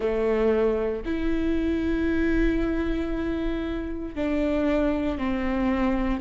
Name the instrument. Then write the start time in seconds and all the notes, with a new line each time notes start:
viola
0.00 A3
1.05 E4
4.15 D4
5.17 C4